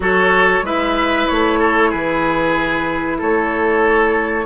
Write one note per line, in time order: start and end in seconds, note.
0.00 0.61 F#3
0.00 0.64 F#4
0.00 0.65 A4
0.00 0.66 C#5
0.62 1.26 G#3
0.62 4.45 E4
0.62 1.59 B4
0.62 1.27 E5
1.27 1.93 A3
1.27 1.91 C#5
1.59 1.89 A4
1.89 3.21 E3
1.89 3.17 G#4
1.89 3.18 B4
3.17 4.45 A3
3.17 4.45 A4
3.17 4.45 C#5